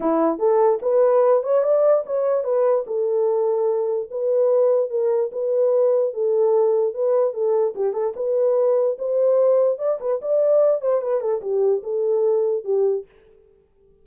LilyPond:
\new Staff \with { instrumentName = "horn" } { \time 4/4 \tempo 4 = 147 e'4 a'4 b'4. cis''8 | d''4 cis''4 b'4 a'4~ | a'2 b'2 | ais'4 b'2 a'4~ |
a'4 b'4 a'4 g'8 a'8 | b'2 c''2 | d''8 b'8 d''4. c''8 b'8 a'8 | g'4 a'2 g'4 | }